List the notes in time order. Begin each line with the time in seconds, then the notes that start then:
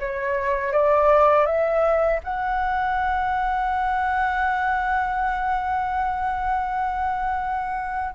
0.00 C#5
0.73 D5
1.46 E5
2.24 F#5